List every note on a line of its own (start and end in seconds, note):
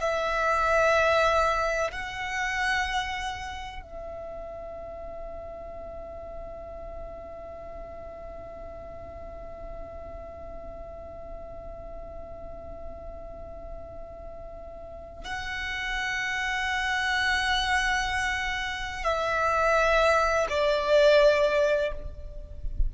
0.00 1.90 E5
1.91 3.82 F#5
3.82 15.24 E5
15.24 19.03 F#5
19.03 20.46 E5
20.49 21.92 D5